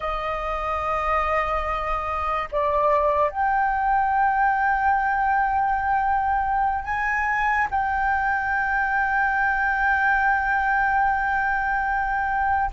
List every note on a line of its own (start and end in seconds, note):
0.00 2.48 D#5
2.51 3.30 D5
3.30 6.84 G5
6.84 7.67 G#5
7.70 12.70 G5